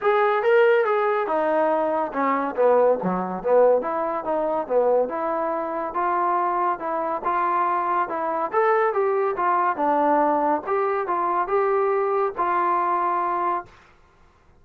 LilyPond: \new Staff \with { instrumentName = "trombone" } { \time 4/4 \tempo 4 = 141 gis'4 ais'4 gis'4 dis'4~ | dis'4 cis'4 b4 fis4 | b4 e'4 dis'4 b4 | e'2 f'2 |
e'4 f'2 e'4 | a'4 g'4 f'4 d'4~ | d'4 g'4 f'4 g'4~ | g'4 f'2. | }